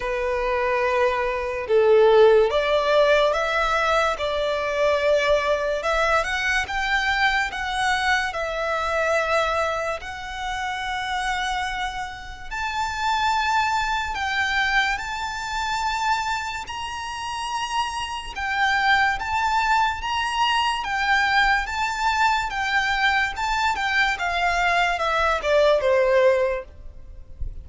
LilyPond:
\new Staff \with { instrumentName = "violin" } { \time 4/4 \tempo 4 = 72 b'2 a'4 d''4 | e''4 d''2 e''8 fis''8 | g''4 fis''4 e''2 | fis''2. a''4~ |
a''4 g''4 a''2 | ais''2 g''4 a''4 | ais''4 g''4 a''4 g''4 | a''8 g''8 f''4 e''8 d''8 c''4 | }